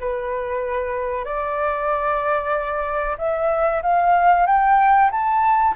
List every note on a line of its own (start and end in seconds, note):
0.00 1.24 B4
1.24 3.16 D5
3.18 3.82 E5
3.82 4.46 F5
4.47 5.10 G5
5.11 5.75 A5